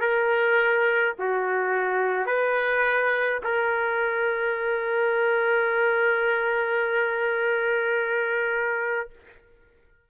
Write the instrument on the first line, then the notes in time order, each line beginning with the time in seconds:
trumpet
0.00 A#4
1.18 F#4
2.26 B4
3.43 A#4